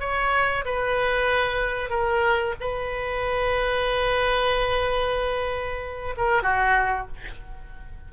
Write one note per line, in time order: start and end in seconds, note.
0.00 0.65 C#5
0.65 1.90 B4
1.90 2.55 A#4
2.60 6.15 B4
6.17 6.43 A#4
6.43 7.07 F#4